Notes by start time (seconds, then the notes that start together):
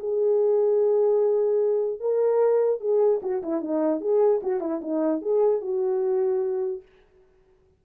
0.00 G#4
2.00 A#4
2.81 G#4
3.23 F#4
3.43 E4
3.62 D#4
4.01 G#4
4.43 F#4
4.61 E4
4.82 D#4
5.22 G#4
5.62 F#4